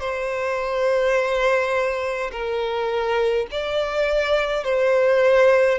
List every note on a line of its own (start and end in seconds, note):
0.00 2.31 C5
2.32 3.47 A#4
3.51 4.64 D5
4.64 5.78 C5